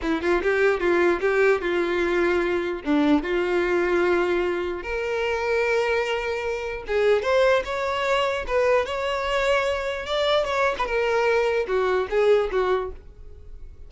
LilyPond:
\new Staff \with { instrumentName = "violin" } { \time 4/4 \tempo 4 = 149 e'8 f'8 g'4 f'4 g'4 | f'2. d'4 | f'1 | ais'1~ |
ais'4 gis'4 c''4 cis''4~ | cis''4 b'4 cis''2~ | cis''4 d''4 cis''8. b'16 ais'4~ | ais'4 fis'4 gis'4 fis'4 | }